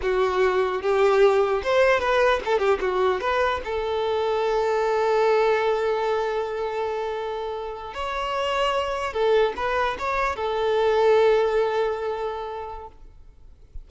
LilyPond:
\new Staff \with { instrumentName = "violin" } { \time 4/4 \tempo 4 = 149 fis'2 g'2 | c''4 b'4 a'8 g'8 fis'4 | b'4 a'2.~ | a'1~ |
a'2.~ a'8. cis''16~ | cis''2~ cis''8. a'4 b'16~ | b'8. cis''4 a'2~ a'16~ | a'1 | }